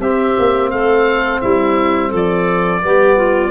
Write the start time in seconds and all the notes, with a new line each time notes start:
0.00 C4 G4 E5
0.39 A#3
0.70 A3 A4 F5
1.41 G3 E4 E5
2.09 F3 A4
2.16 D5
2.81 G3 B3 G4
3.16 F4